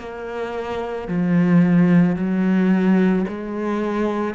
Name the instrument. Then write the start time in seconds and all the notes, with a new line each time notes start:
cello
0.00 A#3
1.09 F3
2.16 F#3
3.28 G#3